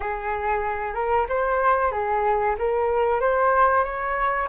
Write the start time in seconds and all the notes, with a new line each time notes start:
0.00 G#4
0.94 A#4
1.28 C5
1.91 G#4
2.58 A#4
3.20 C5
3.84 C#5